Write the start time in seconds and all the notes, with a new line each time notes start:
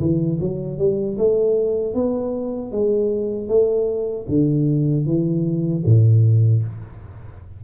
0.00 E3
0.40 F#3
0.79 G3
1.18 A3
1.94 B3
2.72 G#3
3.48 A3
4.29 D3
5.06 E3
5.85 A2